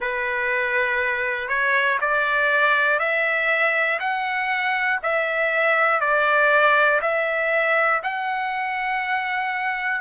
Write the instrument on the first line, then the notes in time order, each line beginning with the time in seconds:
trumpet
0.00 B4
1.48 C#5
2.00 D5
2.99 E5
4.00 F#5
5.02 E5
6.00 D5
7.01 E5
8.03 F#5